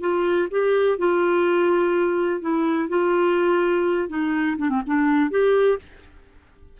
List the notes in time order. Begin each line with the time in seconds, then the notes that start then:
0.00 F4
0.50 G4
0.98 F4
2.41 E4
2.88 F4
4.08 D#4
4.57 D4
4.69 C4
4.86 D4
5.30 G4